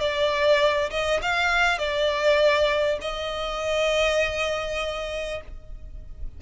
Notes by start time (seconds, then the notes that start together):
0.00 D5
0.91 D#5
1.22 F5
1.78 D5
3.01 D#5